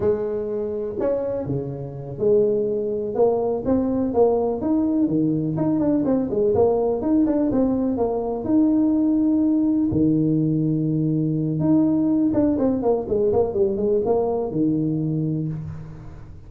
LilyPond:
\new Staff \with { instrumentName = "tuba" } { \time 4/4 \tempo 4 = 124 gis2 cis'4 cis4~ | cis8 gis2 ais4 c'8~ | c'8 ais4 dis'4 dis4 dis'8 | d'8 c'8 gis8 ais4 dis'8 d'8 c'8~ |
c'8 ais4 dis'2~ dis'8~ | dis'8 dis2.~ dis8 | dis'4. d'8 c'8 ais8 gis8 ais8 | g8 gis8 ais4 dis2 | }